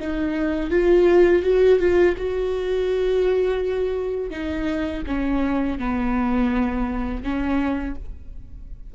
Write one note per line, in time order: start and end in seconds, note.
0.00 0.71 D#4
0.71 1.43 F4
1.43 1.79 F#4
1.79 2.16 F4
2.18 4.30 F#4
4.30 5.03 D#4
5.07 5.79 C#4
5.79 7.23 B3
7.23 7.96 C#4